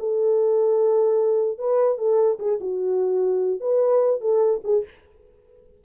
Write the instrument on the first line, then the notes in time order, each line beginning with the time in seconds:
horn
0.00 A4
1.59 B4
1.98 A4
2.39 G#4
2.61 F#4
3.61 B4
4.21 A4
4.64 G#4